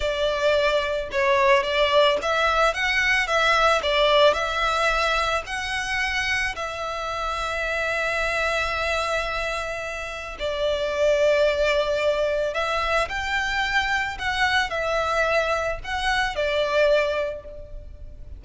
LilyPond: \new Staff \with { instrumentName = "violin" } { \time 4/4 \tempo 4 = 110 d''2 cis''4 d''4 | e''4 fis''4 e''4 d''4 | e''2 fis''2 | e''1~ |
e''2. d''4~ | d''2. e''4 | g''2 fis''4 e''4~ | e''4 fis''4 d''2 | }